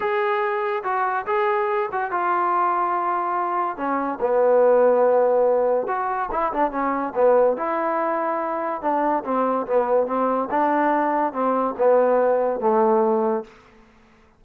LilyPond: \new Staff \with { instrumentName = "trombone" } { \time 4/4 \tempo 4 = 143 gis'2 fis'4 gis'4~ | gis'8 fis'8 f'2.~ | f'4 cis'4 b2~ | b2 fis'4 e'8 d'8 |
cis'4 b4 e'2~ | e'4 d'4 c'4 b4 | c'4 d'2 c'4 | b2 a2 | }